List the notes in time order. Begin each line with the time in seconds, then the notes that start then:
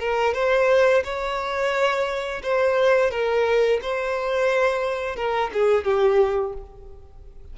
0.00 A#4
0.35 C5
1.04 C#5
2.44 C5
3.11 A#4
3.82 C5
5.16 A#4
5.54 G#4
5.85 G4